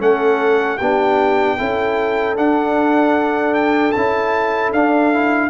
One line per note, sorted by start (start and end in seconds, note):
0.00 0.79 A3
0.00 0.79 C#4
0.00 0.78 A4
0.00 0.78 F#5
0.78 1.59 B3
0.78 1.58 D4
0.78 1.57 G4
0.78 2.36 G5
1.58 2.37 C#4
1.58 2.36 E4
1.58 5.50 A4
2.36 3.94 D4
2.36 3.95 D4
2.36 3.54 F#5
3.54 3.92 G5
3.92 4.73 C#4
3.92 4.75 E4
3.92 4.71 A5
4.73 5.50 D4
4.73 5.13 D4
4.73 5.50 F5
5.13 5.50 E4